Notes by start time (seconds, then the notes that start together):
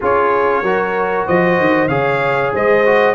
0.00 C#4 F4 G#4 C#5
0.62 F#3 F#4 A#4
1.26 F3 C5 D#5
1.59 D#3
1.88 C#3 G#4 C#5 F5
2.53 G#3 C5 D#5
2.85 F#4